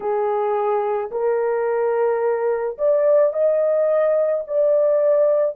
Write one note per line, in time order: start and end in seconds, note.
0.00 1.10 G#4
1.11 2.77 A#4
2.78 3.33 D5
3.33 4.44 D#5
4.47 5.55 D5